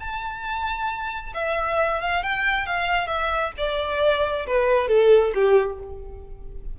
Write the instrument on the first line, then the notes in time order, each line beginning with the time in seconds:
violin
0.00 A5
1.35 E5
2.01 F5
2.23 G5
2.66 F5
3.07 E5
3.58 D5
4.47 B4
4.88 A4
5.35 G4